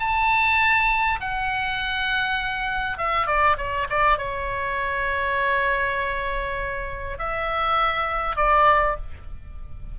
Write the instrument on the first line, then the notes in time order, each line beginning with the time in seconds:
oboe
0.00 A5
1.20 F#5
2.98 E5
3.26 D5
3.57 C#5
3.89 D5
4.18 C#5
7.18 E5
8.36 D5